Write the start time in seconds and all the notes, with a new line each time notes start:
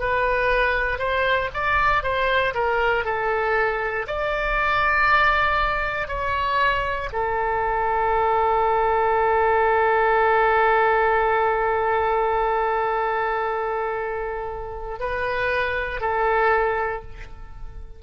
0.00 B4
0.99 C5
1.54 D5
2.03 C5
2.55 A#4
3.05 A4
4.07 D5
6.08 C#5
7.13 A4
15.00 B4
16.01 A4